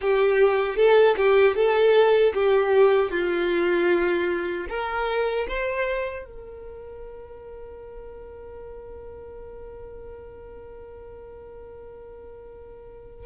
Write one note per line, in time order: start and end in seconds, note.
0.01 0.76 G4
0.76 1.15 A4
1.17 1.55 G4
1.55 2.33 A4
2.34 3.10 G4
3.10 4.66 F4
4.69 5.47 A#4
5.48 6.25 C5
6.25 13.26 A#4